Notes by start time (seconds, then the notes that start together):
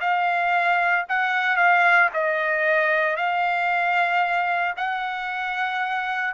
0.00 F5
1.09 F#5
1.56 F5
2.13 D#5
3.16 F5
4.77 F#5